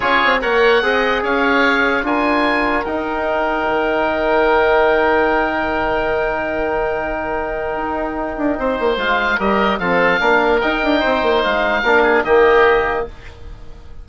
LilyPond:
<<
  \new Staff \with { instrumentName = "oboe" } { \time 4/4 \tempo 4 = 147 cis''4 fis''2 f''4~ | f''4 gis''2 g''4~ | g''1~ | g''1~ |
g''1~ | g''2 f''4 dis''4 | f''2 g''2 | f''2 dis''2 | }
  \new Staff \with { instrumentName = "oboe" } { \time 4/4 gis'4 cis''4 dis''4 cis''4~ | cis''4 ais'2.~ | ais'1~ | ais'1~ |
ais'1~ | ais'4 c''2 ais'4 | a'4 ais'2 c''4~ | c''4 ais'8 gis'8 g'2 | }
  \new Staff \with { instrumentName = "trombone" } { \time 4/4 f'4 ais'4 gis'2~ | gis'4 f'2 dis'4~ | dis'1~ | dis'1~ |
dis'1~ | dis'2 f'4 g'4 | c'4 d'4 dis'2~ | dis'4 d'4 ais2 | }
  \new Staff \with { instrumentName = "bassoon" } { \time 4/4 cis'8 c'8 ais4 c'4 cis'4~ | cis'4 d'2 dis'4~ | dis'4 dis2.~ | dis1~ |
dis2. dis'4~ | dis'8 d'8 c'8 ais8 gis4 g4 | f4 ais4 dis'8 d'8 c'8 ais8 | gis4 ais4 dis2 | }
>>